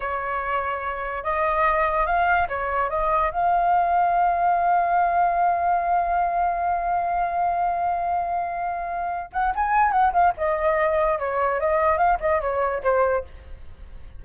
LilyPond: \new Staff \with { instrumentName = "flute" } { \time 4/4 \tempo 4 = 145 cis''2. dis''4~ | dis''4 f''4 cis''4 dis''4 | f''1~ | f''1~ |
f''1~ | f''2~ f''8 fis''8 gis''4 | fis''8 f''8 dis''2 cis''4 | dis''4 f''8 dis''8 cis''4 c''4 | }